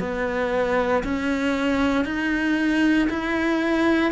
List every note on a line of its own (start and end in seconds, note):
0.00 1.03 B3
1.04 2.05 C#4
2.05 3.08 D#4
3.10 4.12 E4